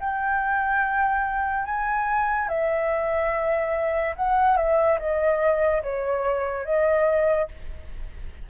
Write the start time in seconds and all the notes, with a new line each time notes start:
0.00 G5
1.66 G#5
2.48 E5
4.16 F#5
4.57 E5
4.99 D#5
5.83 C#5
6.65 D#5